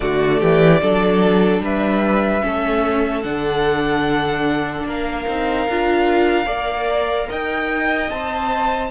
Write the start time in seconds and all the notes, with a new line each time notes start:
0.00 D3 A3 F#4 D5
0.39 E3 G4
0.81 F#3 D4 A4
1.59 G3 B4 E5
2.41 A3 C#4 A4
3.22 D3 D4 F#5
4.85 A#3 A#4 F5
5.27 C4 D#4
5.68 D4 F4
6.45 A#3 A#4 D5
7.29 D#4 D#5 G5
8.10 C4 C5 A5